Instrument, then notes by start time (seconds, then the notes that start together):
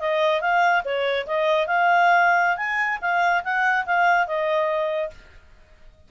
clarinet
0.00 D#5
0.41 F5
0.85 C#5
1.27 D#5
1.67 F5
2.57 G#5
3.02 F5
3.44 F#5
3.86 F5
4.27 D#5